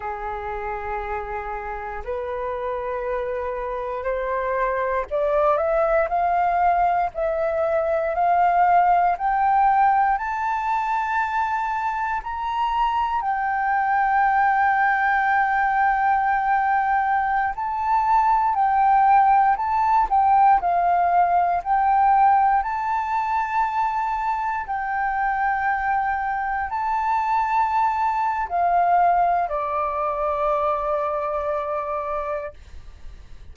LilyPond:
\new Staff \with { instrumentName = "flute" } { \time 4/4 \tempo 4 = 59 gis'2 b'2 | c''4 d''8 e''8 f''4 e''4 | f''4 g''4 a''2 | ais''4 g''2.~ |
g''4~ g''16 a''4 g''4 a''8 g''16~ | g''16 f''4 g''4 a''4.~ a''16~ | a''16 g''2 a''4.~ a''16 | f''4 d''2. | }